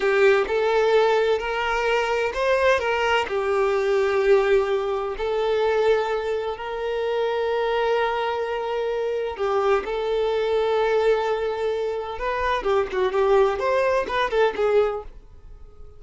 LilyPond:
\new Staff \with { instrumentName = "violin" } { \time 4/4 \tempo 4 = 128 g'4 a'2 ais'4~ | ais'4 c''4 ais'4 g'4~ | g'2. a'4~ | a'2 ais'2~ |
ais'1 | g'4 a'2.~ | a'2 b'4 g'8 fis'8 | g'4 c''4 b'8 a'8 gis'4 | }